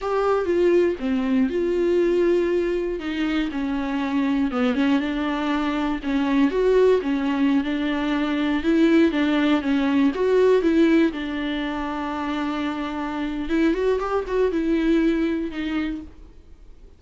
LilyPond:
\new Staff \with { instrumentName = "viola" } { \time 4/4 \tempo 4 = 120 g'4 f'4 c'4 f'4~ | f'2 dis'4 cis'4~ | cis'4 b8 cis'8 d'2 | cis'4 fis'4 cis'4~ cis'16 d'8.~ |
d'4~ d'16 e'4 d'4 cis'8.~ | cis'16 fis'4 e'4 d'4.~ d'16~ | d'2. e'8 fis'8 | g'8 fis'8 e'2 dis'4 | }